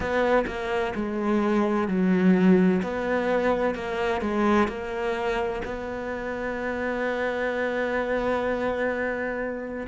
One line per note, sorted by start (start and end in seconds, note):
0.00 0.45 B3
0.46 0.93 A#3
0.95 1.87 G#3
1.87 2.81 F#3
2.82 3.75 B3
3.75 4.21 A#3
4.21 4.68 G#3
4.68 5.62 A#3
5.65 9.87 B3